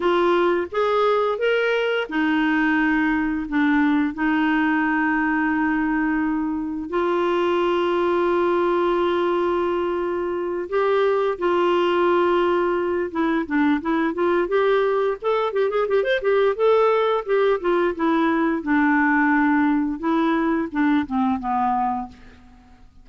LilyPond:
\new Staff \with { instrumentName = "clarinet" } { \time 4/4 \tempo 4 = 87 f'4 gis'4 ais'4 dis'4~ | dis'4 d'4 dis'2~ | dis'2 f'2~ | f'2.~ f'8 g'8~ |
g'8 f'2~ f'8 e'8 d'8 | e'8 f'8 g'4 a'8 g'16 gis'16 g'16 c''16 g'8 | a'4 g'8 f'8 e'4 d'4~ | d'4 e'4 d'8 c'8 b4 | }